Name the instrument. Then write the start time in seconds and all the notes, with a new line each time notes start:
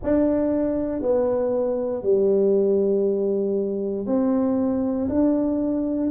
tuba
0.03 D4
1.02 B3
2.02 G3
4.06 C4
5.08 D4